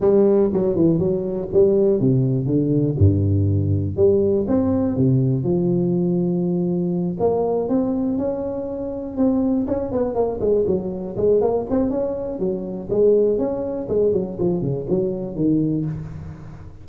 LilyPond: \new Staff \with { instrumentName = "tuba" } { \time 4/4 \tempo 4 = 121 g4 fis8 e8 fis4 g4 | c4 d4 g,2 | g4 c'4 c4 f4~ | f2~ f8 ais4 c'8~ |
c'8 cis'2 c'4 cis'8 | b8 ais8 gis8 fis4 gis8 ais8 c'8 | cis'4 fis4 gis4 cis'4 | gis8 fis8 f8 cis8 fis4 dis4 | }